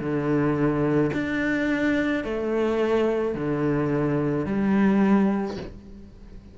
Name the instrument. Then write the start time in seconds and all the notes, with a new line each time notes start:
cello
0.00 D3
1.13 D4
2.24 A3
3.35 D3
4.46 G3